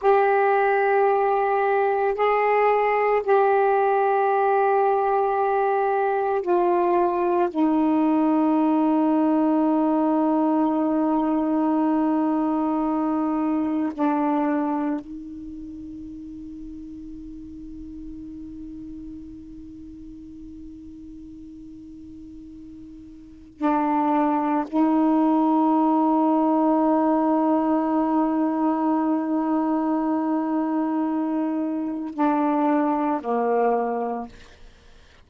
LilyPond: \new Staff \with { instrumentName = "saxophone" } { \time 4/4 \tempo 4 = 56 g'2 gis'4 g'4~ | g'2 f'4 dis'4~ | dis'1~ | dis'4 d'4 dis'2~ |
dis'1~ | dis'2 d'4 dis'4~ | dis'1~ | dis'2 d'4 ais4 | }